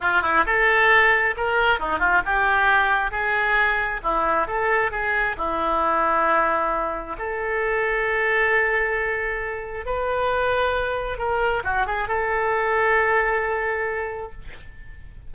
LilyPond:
\new Staff \with { instrumentName = "oboe" } { \time 4/4 \tempo 4 = 134 f'8 e'8 a'2 ais'4 | dis'8 f'8 g'2 gis'4~ | gis'4 e'4 a'4 gis'4 | e'1 |
a'1~ | a'2 b'2~ | b'4 ais'4 fis'8 gis'8 a'4~ | a'1 | }